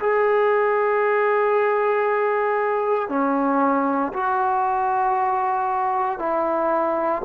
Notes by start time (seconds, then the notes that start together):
0.00 G#4
3.09 C#4
4.13 F#4
6.19 E4